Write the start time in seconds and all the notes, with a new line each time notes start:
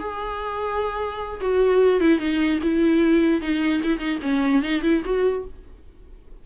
0.00 G#4
1.41 F#4
2.01 E4
2.19 D#4
2.63 E4
3.42 D#4
3.84 E4
3.99 D#4
4.23 C#4
4.63 D#4
4.83 E4
5.05 F#4